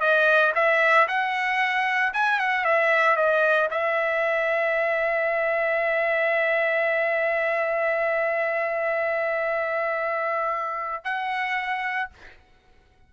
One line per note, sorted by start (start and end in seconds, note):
0.00 0.53 D#5
0.55 1.07 E5
1.08 2.13 F#5
2.13 2.39 G#5
2.39 2.64 F#5
2.64 3.16 E5
3.16 3.69 D#5
3.70 11.04 E5
11.04 12.09 F#5